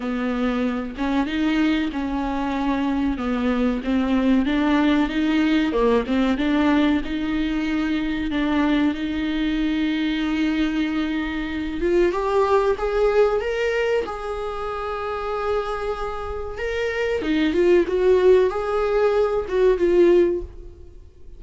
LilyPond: \new Staff \with { instrumentName = "viola" } { \time 4/4 \tempo 4 = 94 b4. cis'8 dis'4 cis'4~ | cis'4 b4 c'4 d'4 | dis'4 ais8 c'8 d'4 dis'4~ | dis'4 d'4 dis'2~ |
dis'2~ dis'8 f'8 g'4 | gis'4 ais'4 gis'2~ | gis'2 ais'4 dis'8 f'8 | fis'4 gis'4. fis'8 f'4 | }